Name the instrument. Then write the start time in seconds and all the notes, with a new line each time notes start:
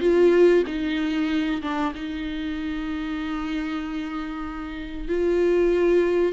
viola
0.00 F4
0.66 D#4
1.61 D4
1.94 D#4
5.08 F4